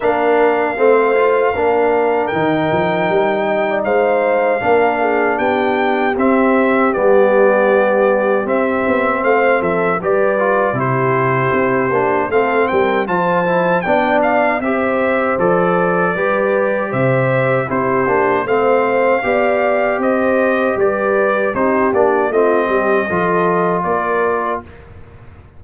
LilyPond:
<<
  \new Staff \with { instrumentName = "trumpet" } { \time 4/4 \tempo 4 = 78 f''2. g''4~ | g''4 f''2 g''4 | e''4 d''2 e''4 | f''8 e''8 d''4 c''2 |
f''8 g''8 a''4 g''8 f''8 e''4 | d''2 e''4 c''4 | f''2 dis''4 d''4 | c''8 d''8 dis''2 d''4 | }
  \new Staff \with { instrumentName = "horn" } { \time 4/4 ais'4 c''4 ais'2~ | ais'8 dis''16 d''16 c''4 ais'8 gis'8 g'4~ | g'1 | c''8 a'8 b'4 g'2 |
a'8 ais'8 c''4 d''4 c''4~ | c''4 b'4 c''4 g'4 | c''4 d''4 c''4 b'4 | g'4 f'8 g'8 a'4 ais'4 | }
  \new Staff \with { instrumentName = "trombone" } { \time 4/4 d'4 c'8 f'8 d'4 dis'4~ | dis'2 d'2 | c'4 b2 c'4~ | c'4 g'8 f'8 e'4. d'8 |
c'4 f'8 e'8 d'4 g'4 | a'4 g'2 e'8 d'8 | c'4 g'2. | dis'8 d'8 c'4 f'2 | }
  \new Staff \with { instrumentName = "tuba" } { \time 4/4 ais4 a4 ais4 dis8 f8 | g4 gis4 ais4 b4 | c'4 g2 c'8 b8 | a8 f8 g4 c4 c'8 ais8 |
a8 g8 f4 b4 c'4 | f4 g4 c4 c'8 ais8 | a4 b4 c'4 g4 | c'8 ais8 a8 g8 f4 ais4 | }
>>